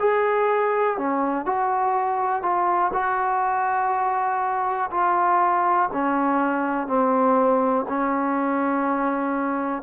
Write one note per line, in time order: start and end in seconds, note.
0.00 0.98 G#4
0.98 1.46 C#4
1.46 2.43 F#4
2.43 2.92 F4
2.93 4.90 F#4
4.91 5.90 F4
5.93 6.88 C#4
6.88 7.86 C4
7.89 9.83 C#4